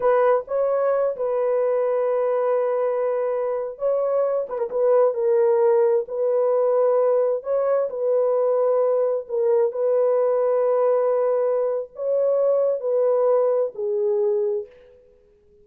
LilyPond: \new Staff \with { instrumentName = "horn" } { \time 4/4 \tempo 4 = 131 b'4 cis''4. b'4.~ | b'1~ | b'16 cis''4. b'16 ais'16 b'4 ais'8.~ | ais'4~ ais'16 b'2~ b'8.~ |
b'16 cis''4 b'2~ b'8.~ | b'16 ais'4 b'2~ b'8.~ | b'2 cis''2 | b'2 gis'2 | }